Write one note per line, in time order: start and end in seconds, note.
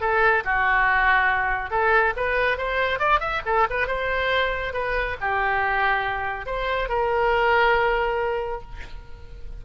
0.00 0.43 A4
0.44 1.70 F#4
1.70 2.13 A4
2.16 2.57 B4
2.57 2.99 C5
2.99 3.20 D5
3.20 3.41 E5
3.45 3.67 A4
3.69 3.87 B4
3.87 4.73 C5
4.73 5.16 B4
5.20 6.46 G4
6.46 6.88 C5
6.88 8.61 A#4